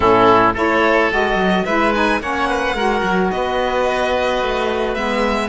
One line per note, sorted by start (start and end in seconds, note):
0.00 0.55 A2
0.00 0.53 C#4
0.00 0.53 E4
0.00 0.53 A4
0.53 1.11 A3
0.53 1.10 E4
0.53 1.63 A4
0.53 1.12 C#5
1.10 1.35 G#3
1.10 1.65 F#4
1.10 1.65 D#5
1.35 1.62 F#3
1.65 2.20 G#3
1.65 1.93 E4
1.65 2.20 B4
1.65 1.92 E5
1.93 2.20 D#4
1.93 2.21 G#5
2.20 2.74 A#3
2.20 2.75 C#4
2.20 2.49 C#5
2.20 3.30 F#5
2.49 2.75 B4
2.74 3.01 G#3
2.74 4.96 F#4
2.74 3.31 A#4
3.02 3.30 F#3
3.30 4.42 B3
3.30 5.48 B4
3.30 4.94 D#5
4.42 4.96 A3
4.94 5.48 G#3
4.94 5.48 B3
4.94 5.48 E5